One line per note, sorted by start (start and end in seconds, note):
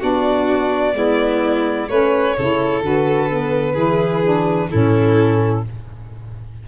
0.00 0.94 B3
0.00 0.94 D4
0.00 0.94 F#4
0.00 1.89 D5
0.94 1.88 G#3
0.94 1.87 B3
0.94 1.90 E4
1.89 2.36 A3
1.89 2.37 C#4
1.89 2.37 B4
1.89 2.83 C#5
2.38 2.82 C#3
2.38 2.83 E4
2.38 3.74 A4
2.82 3.75 D3
2.82 3.29 F#4
2.82 4.70 B4
3.29 3.75 B3
3.74 4.69 E3
3.74 4.22 E4
3.74 4.67 G#4
4.23 4.70 D4
4.70 5.68 A2
4.70 5.64 C#4
4.70 5.65 E4
4.70 5.63 A4